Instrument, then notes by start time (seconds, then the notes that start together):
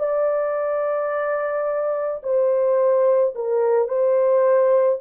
horn
0.00 D5
2.23 C5
3.35 A#4
3.88 C5